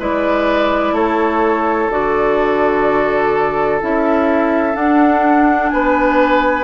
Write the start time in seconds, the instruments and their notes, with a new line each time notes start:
0.00 bassoon G#3, clarinet E4, oboe B4, flute D5
0.92 bassoon A3, oboe A4, flute C#5
1.90 bassoon D3, clarinet F#4, flute D5
3.81 bassoon C#4, clarinet E4, flute E5
4.74 clarinet D4, bassoon D4, flute F#5
5.69 bassoon B3, oboe B4, flute G#5